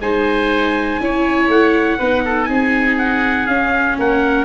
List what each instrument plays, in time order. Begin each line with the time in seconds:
0.00 tuba G#3, viola D#4, oboe C5, trumpet G#5
0.99 tuba C#4, viola E4, oboe C#5
1.48 tuba A3, trumpet F#5
1.98 tuba B3, viola D#4, oboe B4
2.24 oboe A4
2.44 tuba C4, oboe G#4, trumpet G#5
2.98 trumpet F#5
3.46 tuba C#4, viola C#4, trumpet F5
3.98 tuba A#3, oboe A#4, trumpet F#5